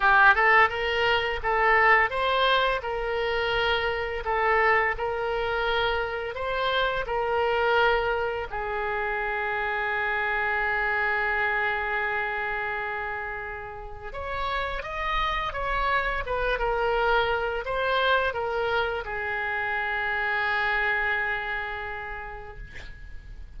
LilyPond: \new Staff \with { instrumentName = "oboe" } { \time 4/4 \tempo 4 = 85 g'8 a'8 ais'4 a'4 c''4 | ais'2 a'4 ais'4~ | ais'4 c''4 ais'2 | gis'1~ |
gis'1 | cis''4 dis''4 cis''4 b'8 ais'8~ | ais'4 c''4 ais'4 gis'4~ | gis'1 | }